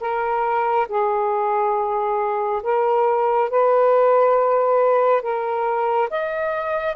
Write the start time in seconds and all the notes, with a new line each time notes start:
0.00 A#4
0.88 G#4
2.63 A#4
3.50 B4
5.22 A#4
6.10 D#5